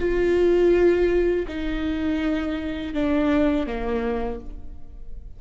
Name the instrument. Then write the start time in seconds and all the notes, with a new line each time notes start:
viola
0.00 F4
1.48 D#4
2.94 D4
3.67 A#3